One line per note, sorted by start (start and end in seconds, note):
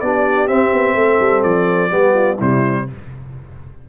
0.00 0.47 B3
0.00 0.48 D4
0.00 0.96 G4
0.00 0.47 D5
0.47 0.71 C4
0.47 1.90 C4
0.47 1.43 E5
0.73 0.94 B3
0.94 1.18 A3
0.94 1.91 A4
1.20 1.43 G3
1.43 1.91 F3
1.43 2.38 D5
1.90 2.38 G3
1.90 2.37 B3
1.90 2.14 G4
2.14 2.35 F4
2.35 2.88 C3
2.35 2.88 G3
2.35 2.83 E4
2.35 2.89 C5